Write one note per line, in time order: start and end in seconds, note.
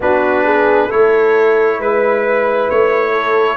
0.00 0.90 B3
0.00 0.89 D4
0.00 0.43 F#4
0.00 0.91 B4
0.43 0.86 G#4
0.86 3.57 E4
0.86 1.75 A4
0.86 1.80 C#5
0.92 1.79 A3
1.79 2.68 G#3
1.79 3.12 B4
1.79 2.70 B4
2.70 3.57 A3
2.70 3.57 C#5
3.12 3.57 A4